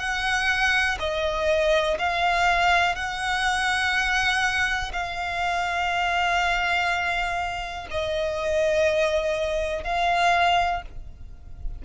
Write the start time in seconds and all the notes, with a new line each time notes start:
0.00 F#5
1.00 D#5
1.99 F5
2.96 F#5
4.93 F5
7.91 D#5
9.84 F5